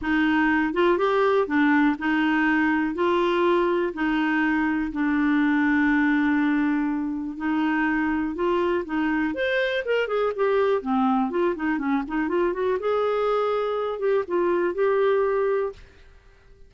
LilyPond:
\new Staff \with { instrumentName = "clarinet" } { \time 4/4 \tempo 4 = 122 dis'4. f'8 g'4 d'4 | dis'2 f'2 | dis'2 d'2~ | d'2. dis'4~ |
dis'4 f'4 dis'4 c''4 | ais'8 gis'8 g'4 c'4 f'8 dis'8 | cis'8 dis'8 f'8 fis'8 gis'2~ | gis'8 g'8 f'4 g'2 | }